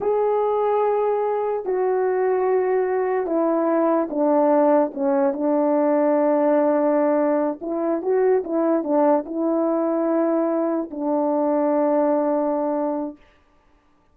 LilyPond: \new Staff \with { instrumentName = "horn" } { \time 4/4 \tempo 4 = 146 gis'1 | fis'1 | e'2 d'2 | cis'4 d'2.~ |
d'2~ d'8 e'4 fis'8~ | fis'8 e'4 d'4 e'4.~ | e'2~ e'8 d'4.~ | d'1 | }